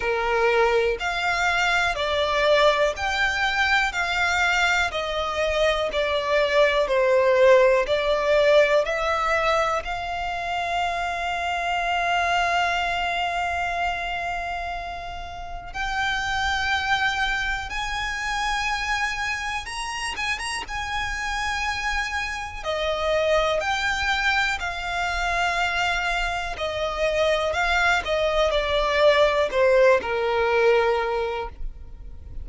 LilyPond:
\new Staff \with { instrumentName = "violin" } { \time 4/4 \tempo 4 = 61 ais'4 f''4 d''4 g''4 | f''4 dis''4 d''4 c''4 | d''4 e''4 f''2~ | f''1 |
g''2 gis''2 | ais''8 gis''16 ais''16 gis''2 dis''4 | g''4 f''2 dis''4 | f''8 dis''8 d''4 c''8 ais'4. | }